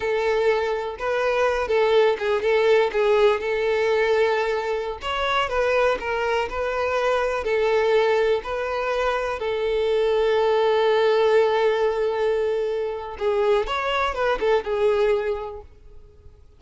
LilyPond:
\new Staff \with { instrumentName = "violin" } { \time 4/4 \tempo 4 = 123 a'2 b'4. a'8~ | a'8 gis'8 a'4 gis'4 a'4~ | a'2~ a'16 cis''4 b'8.~ | b'16 ais'4 b'2 a'8.~ |
a'4~ a'16 b'2 a'8.~ | a'1~ | a'2. gis'4 | cis''4 b'8 a'8 gis'2 | }